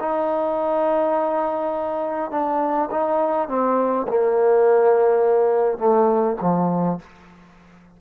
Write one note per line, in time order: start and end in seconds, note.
0.00 2.31 D#4
2.31 2.89 D4
2.91 3.49 D#4
3.49 4.07 C4
4.08 5.78 A#3
5.78 6.37 A3
6.41 7.00 F3